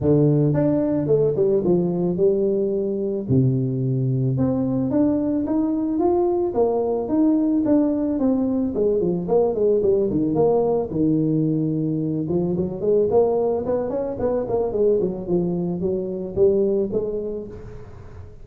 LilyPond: \new Staff \with { instrumentName = "tuba" } { \time 4/4 \tempo 4 = 110 d4 d'4 a8 g8 f4 | g2 c2 | c'4 d'4 dis'4 f'4 | ais4 dis'4 d'4 c'4 |
gis8 f8 ais8 gis8 g8 dis8 ais4 | dis2~ dis8 f8 fis8 gis8 | ais4 b8 cis'8 b8 ais8 gis8 fis8 | f4 fis4 g4 gis4 | }